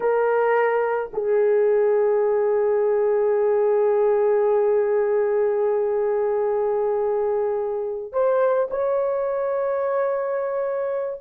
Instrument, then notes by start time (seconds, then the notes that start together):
horn
0.00 A#4
1.13 G#4
8.12 C5
8.70 C#5